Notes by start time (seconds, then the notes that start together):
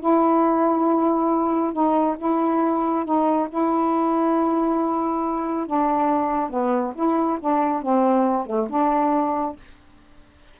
0.00 E4
1.73 D#4
2.18 E4
3.05 D#4
3.49 E4
5.67 D4
6.50 B3
6.95 E4
7.40 D4
7.82 C4
8.46 A3
8.69 D4